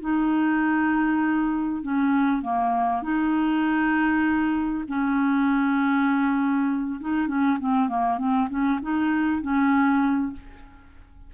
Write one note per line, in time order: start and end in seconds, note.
0.00 1.82 D#4
1.82 2.42 C#4
2.42 3.02 A#3
3.02 4.84 D#4
4.88 6.99 C#4
7.00 7.27 D#4
7.27 7.58 C#4
7.59 7.88 C4
7.88 8.18 A#3
8.18 8.48 C4
8.49 8.79 C#4
8.82 9.41 D#4
9.41 10.32 C#4